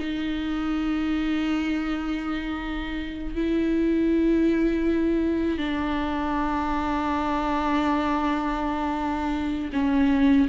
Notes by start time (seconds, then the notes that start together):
0.00 D#4
3.35 E4
5.58 D4
9.73 C#4